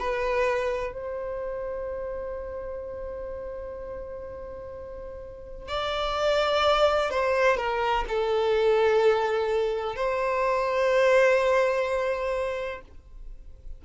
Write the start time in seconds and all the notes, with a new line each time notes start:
0.00 B4
0.94 C5
5.69 D5
7.11 C5
7.58 A#4
8.09 A4
9.96 C5